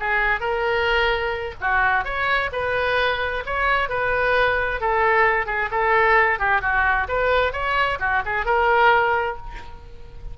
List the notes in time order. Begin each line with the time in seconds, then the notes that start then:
0.00 G#4
0.41 A#4
1.61 F#4
2.05 C#5
2.53 B4
3.46 C#5
3.89 B4
4.81 A4
5.47 G#4
5.71 A4
6.39 G4
6.62 F#4
7.09 B4
7.53 C#5
8.00 F#4
8.26 G#4
8.46 A#4